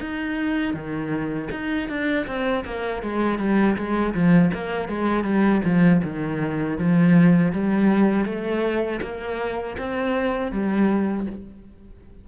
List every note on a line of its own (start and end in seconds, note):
0.00 0.73 D#4
0.73 1.48 D#3
1.51 1.89 D#4
1.89 2.26 D4
2.26 2.64 C4
2.65 3.02 A#3
3.02 3.38 G#3
3.38 3.76 G3
3.76 4.14 G#3
4.14 4.51 F3
4.53 4.88 A#3
4.88 5.24 G#3
5.24 5.61 G3
5.64 6.02 F3
6.03 6.78 D#3
6.78 7.52 F3
7.52 8.25 G3
8.25 9.00 A3
9.01 9.76 A#3
9.78 10.51 C4
10.51 11.26 G3